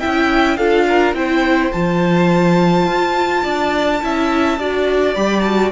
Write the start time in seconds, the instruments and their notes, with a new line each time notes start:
0.00 cello C#4, viola E4, violin E5 G5
0.57 cello D4, viola F4, violin A4 F5
0.89 violin A#4
1.14 cello C4, viola E4, violin C5 G5
1.72 cello F3, viola F4, violin A5
2.87 cello F4
3.43 cello D4, violin D5
4.01 cello C#4, viola E4, violin E5
4.58 cello D4, viola F#4, violin D5
5.15 cello G3, viola G4, violin B5
5.41 viola F#4, violin A5